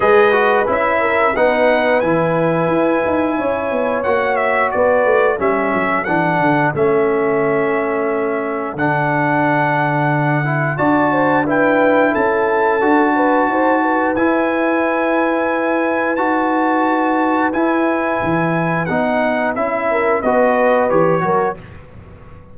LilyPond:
<<
  \new Staff \with { instrumentName = "trumpet" } { \time 4/4 \tempo 4 = 89 dis''4 e''4 fis''4 gis''4~ | gis''2 fis''8 e''8 d''4 | e''4 fis''4 e''2~ | e''4 fis''2. |
a''4 g''4 a''2~ | a''4 gis''2. | a''2 gis''2 | fis''4 e''4 dis''4 cis''4 | }
  \new Staff \with { instrumentName = "horn" } { \time 4/4 b'4. ais'8 b'2~ | b'4 cis''2 b'4 | a'1~ | a'1 |
d''8 c''8 b'4 a'4. b'8 | c''8 b'2.~ b'8~ | b'1~ | b'4. ais'8 b'4. ais'8 | }
  \new Staff \with { instrumentName = "trombone" } { \time 4/4 gis'8 fis'8 e'4 dis'4 e'4~ | e'2 fis'2 | cis'4 d'4 cis'2~ | cis'4 d'2~ d'8 e'8 |
fis'4 e'2 fis'4~ | fis'4 e'2. | fis'2 e'2 | dis'4 e'4 fis'4 g'8 fis'8 | }
  \new Staff \with { instrumentName = "tuba" } { \time 4/4 gis4 cis'4 b4 e4 | e'8 dis'8 cis'8 b8 ais4 b8 a8 | g8 fis8 e8 d8 a2~ | a4 d2. |
d'2 cis'4 d'4 | dis'4 e'2. | dis'2 e'4 e4 | b4 cis'4 b4 e8 fis8 | }
>>